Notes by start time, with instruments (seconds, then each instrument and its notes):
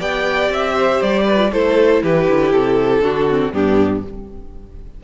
0.00 cello B3, viola G4, violin D5 G5
0.50 cello C4, violin E5
0.73 violin C5
1.02 cello G3, violin D5
1.26 violin B4
1.37 viola F4
1.52 cello A3, viola E4, violin A4 C5
2.03 cello E3, violin G4 B4
2.29 cello D3
2.53 cello C3, violin A4
3.00 cello D3, viola D4, violin F#4
3.30 viola C4
3.53 cello G2, viola B3, violin D4 G4